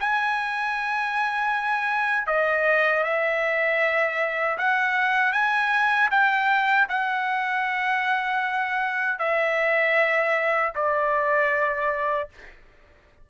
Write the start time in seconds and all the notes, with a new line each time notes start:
0.00 G#5
2.27 D#5
3.04 E5
4.58 F#5
5.33 G#5
6.11 G5
6.89 F#5
9.19 E5
10.75 D5